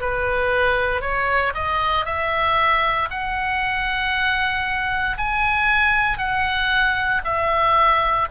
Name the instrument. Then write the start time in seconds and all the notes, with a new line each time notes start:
oboe
0.00 B4
1.01 C#5
1.55 D#5
2.05 E5
3.10 F#5
5.17 G#5
6.18 F#5
7.24 E5